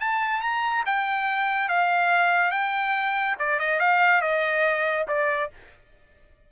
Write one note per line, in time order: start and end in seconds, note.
0.00 0.41 A5
0.41 0.84 A#5
0.86 1.69 G5
1.69 2.51 F5
2.51 3.36 G5
3.39 3.60 D5
3.60 3.80 D#5
3.80 4.21 F5
4.21 5.06 D#5
5.08 5.50 D5